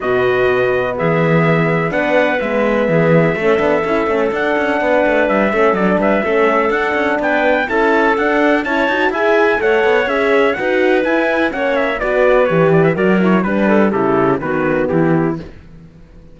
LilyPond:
<<
  \new Staff \with { instrumentName = "trumpet" } { \time 4/4 \tempo 4 = 125 dis''2 e''2 | fis''4 e''2.~ | e''4 fis''2 e''4 | d''8 e''4. fis''4 g''4 |
a''4 fis''4 a''4 gis''4 | fis''4 e''4 fis''4 gis''4 | fis''8 e''8 d''4 cis''8 d''16 e''16 d''8 cis''8 | b'4 a'4 b'4 g'4 | }
  \new Staff \with { instrumentName = "clarinet" } { \time 4/4 fis'2 gis'2 | b'2 gis'4 a'4~ | a'2 b'4. a'8~ | a'8 b'8 a'2 b'4 |
a'2 cis''4 e''4 | cis''2 b'2 | cis''4 b'2 ais'4 | b'8 a'8 g'4 fis'4 e'4 | }
  \new Staff \with { instrumentName = "horn" } { \time 4/4 b1 | d'4 b2 cis'8 d'8 | e'8 cis'8 d'2~ d'8 cis'8 | d'4 cis'4 d'2 |
e'4 d'4 e'8 fis'8 gis'4 | a'4 gis'4 fis'4 e'4 | cis'4 fis'4 g'4 fis'8 e'8 | d'4 e'4 b2 | }
  \new Staff \with { instrumentName = "cello" } { \time 4/4 b,2 e2 | b4 gis4 e4 a8 b8 | cis'8 a8 d'8 cis'8 b8 a8 g8 a8 | fis8 g8 a4 d'8 cis'8 b4 |
cis'4 d'4 cis'8 dis'8 e'4 | a8 b8 cis'4 dis'4 e'4 | ais4 b4 e4 fis4 | g4 cis4 dis4 e4 | }
>>